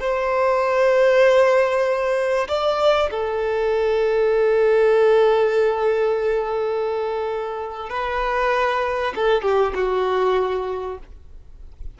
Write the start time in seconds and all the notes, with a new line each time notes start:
0.00 C5
2.48 D5
3.10 A4
7.89 B4
9.15 A4
9.42 G4
9.75 F#4